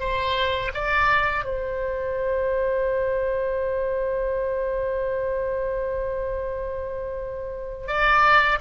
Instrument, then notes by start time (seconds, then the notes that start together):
oboe
0.00 C5
0.74 D5
1.45 C5
7.88 D5